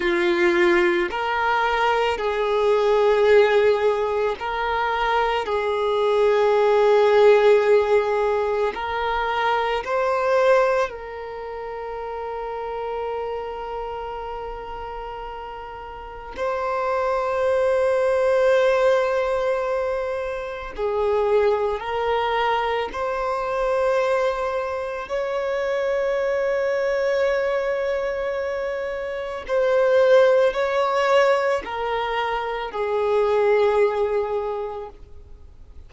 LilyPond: \new Staff \with { instrumentName = "violin" } { \time 4/4 \tempo 4 = 55 f'4 ais'4 gis'2 | ais'4 gis'2. | ais'4 c''4 ais'2~ | ais'2. c''4~ |
c''2. gis'4 | ais'4 c''2 cis''4~ | cis''2. c''4 | cis''4 ais'4 gis'2 | }